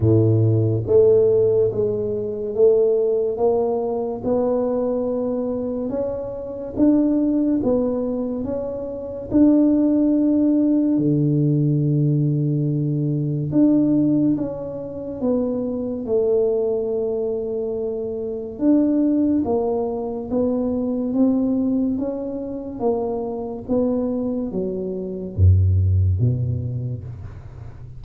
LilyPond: \new Staff \with { instrumentName = "tuba" } { \time 4/4 \tempo 4 = 71 a,4 a4 gis4 a4 | ais4 b2 cis'4 | d'4 b4 cis'4 d'4~ | d'4 d2. |
d'4 cis'4 b4 a4~ | a2 d'4 ais4 | b4 c'4 cis'4 ais4 | b4 fis4 fis,4 b,4 | }